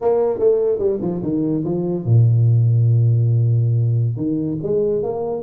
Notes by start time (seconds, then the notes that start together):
0.01 A#3
0.39 A3
0.79 G3
1.01 F3
1.22 D#3
1.64 F3
2.05 A#2
4.16 D#3
4.62 G#3
5.02 A#3